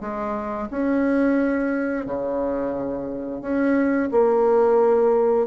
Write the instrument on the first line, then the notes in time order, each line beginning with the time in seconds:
bassoon
0.00 G#3
0.70 C#4
2.05 C#3
3.41 C#4
4.11 A#3